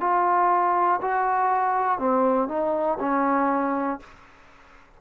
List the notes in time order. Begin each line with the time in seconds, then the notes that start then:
0.00 F4
1.02 F#4
1.99 C4
2.49 D#4
3.00 C#4